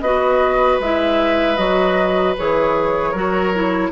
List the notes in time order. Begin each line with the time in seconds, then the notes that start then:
0.00 B3 F#4 B4 D#5
0.79 G#3 E4 E5
1.56 F#3 F#4 D#5
2.38 E3 G#4 C#5
3.11 F#3 F#4 A#4
3.54 E4